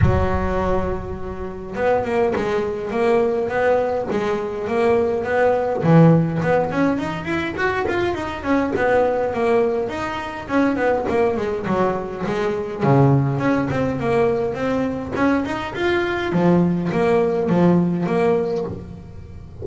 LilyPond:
\new Staff \with { instrumentName = "double bass" } { \time 4/4 \tempo 4 = 103 fis2. b8 ais8 | gis4 ais4 b4 gis4 | ais4 b4 e4 b8 cis'8 | dis'8 e'8 fis'8 f'8 dis'8 cis'8 b4 |
ais4 dis'4 cis'8 b8 ais8 gis8 | fis4 gis4 cis4 cis'8 c'8 | ais4 c'4 cis'8 dis'8 f'4 | f4 ais4 f4 ais4 | }